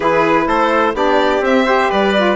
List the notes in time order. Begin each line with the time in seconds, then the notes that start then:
0.00 E3 E4 G#4 B4
0.46 A3 A4 C5
0.93 B3 D4 G4 D5
1.40 C4 E5
1.65 G4 C5
1.89 G3 B4 D5
2.17 F4